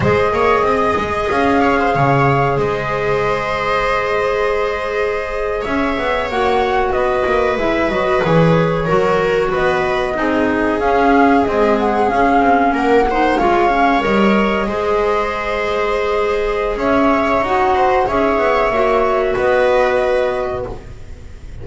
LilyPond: <<
  \new Staff \with { instrumentName = "flute" } { \time 4/4 \tempo 4 = 93 dis''2 f''2 | dis''1~ | dis''8. e''4 fis''4 dis''4 e''16~ | e''16 dis''8 cis''2 dis''4~ dis''16~ |
dis''8. f''4 dis''8 fis''8 f''4 fis''16~ | fis''8. f''4 dis''2~ dis''16~ | dis''2 e''4 fis''4 | e''2 dis''2 | }
  \new Staff \with { instrumentName = "viola" } { \time 4/4 c''8 cis''8 dis''4. cis''16 c''16 cis''4 | c''1~ | c''8. cis''2 b'4~ b'16~ | b'4.~ b'16 ais'4 b'4 gis'16~ |
gis'2.~ gis'8. ais'16~ | ais'16 c''8 cis''2 c''4~ c''16~ | c''2 cis''4. c''8 | cis''2 b'2 | }
  \new Staff \with { instrumentName = "clarinet" } { \time 4/4 gis'1~ | gis'1~ | gis'4.~ gis'16 fis'2 e'16~ | e'16 fis'8 gis'4 fis'2 dis'16~ |
dis'8. cis'4 gis4 cis'4~ cis'16~ | cis'16 dis'8 f'8 cis'8 ais'4 gis'4~ gis'16~ | gis'2. fis'4 | gis'4 fis'2. | }
  \new Staff \with { instrumentName = "double bass" } { \time 4/4 gis8 ais8 c'8 gis8 cis'4 cis4 | gis1~ | gis8. cis'8 b8 ais4 b8 ais8 gis16~ | gis16 fis8 e4 fis4 b4 c'16~ |
c'8. cis'4 c'4 cis'8 c'8 ais16~ | ais8. gis4 g4 gis4~ gis16~ | gis2 cis'4 dis'4 | cis'8 b8 ais4 b2 | }
>>